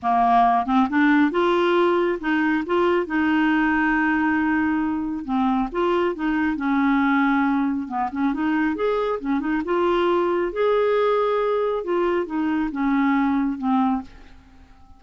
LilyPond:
\new Staff \with { instrumentName = "clarinet" } { \time 4/4 \tempo 4 = 137 ais4. c'8 d'4 f'4~ | f'4 dis'4 f'4 dis'4~ | dis'1 | c'4 f'4 dis'4 cis'4~ |
cis'2 b8 cis'8 dis'4 | gis'4 cis'8 dis'8 f'2 | gis'2. f'4 | dis'4 cis'2 c'4 | }